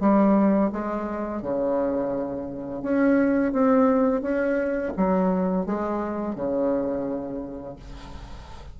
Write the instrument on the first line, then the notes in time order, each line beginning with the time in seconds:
bassoon
0.00 G3
0.73 G#3
1.42 C#3
2.82 C#4
3.52 C4
4.22 C#4
4.96 F#3
5.66 G#3
6.35 C#3